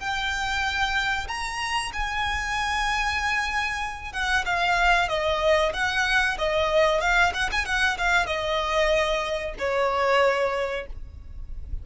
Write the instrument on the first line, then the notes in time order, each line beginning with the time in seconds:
violin
0.00 G5
1.28 A#5
1.93 G#5
4.13 F#5
4.46 F5
5.09 D#5
5.74 F#5
6.39 D#5
7.01 F5
7.34 F#5
7.52 G#5
7.66 F#5
7.98 F5
8.27 D#5
9.59 C#5